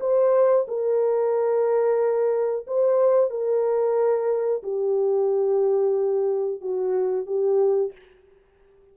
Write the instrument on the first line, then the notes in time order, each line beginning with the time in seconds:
horn
0.00 C5
0.68 A#4
2.67 C5
3.30 A#4
4.63 G4
6.61 F#4
7.26 G4